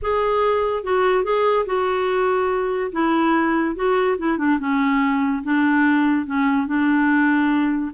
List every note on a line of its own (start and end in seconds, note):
0.02 0.83 G#4
0.83 1.23 F#4
1.23 1.65 G#4
1.66 2.91 F#4
2.92 3.75 E4
3.75 4.17 F#4
4.18 4.38 E4
4.38 4.59 D4
4.59 5.42 C#4
5.43 6.26 D4
6.26 6.66 C#4
6.66 7.91 D4